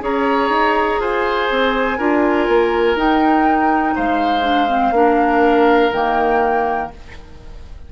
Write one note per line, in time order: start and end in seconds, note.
0.00 0.49 C#4
0.00 1.97 G#4
0.00 1.00 C#5
0.00 1.01 A#5
0.49 0.98 D#4
0.99 1.48 F4
0.99 1.97 C5
0.99 2.97 G#5
1.50 1.98 C4
1.97 2.47 D4
1.97 2.96 F4
1.97 3.94 A#4
2.48 2.95 A#3
2.95 3.93 D#4
2.95 4.42 D#4
2.95 3.96 G5
3.95 4.91 G#3
3.95 4.93 C5
3.95 5.92 F5
4.42 4.67 D4
4.68 4.92 C4
4.91 5.89 A#3
4.91 5.92 D4
4.91 6.92 A#4
5.92 6.90 D#3
5.92 6.91 A#3
5.92 6.90 G5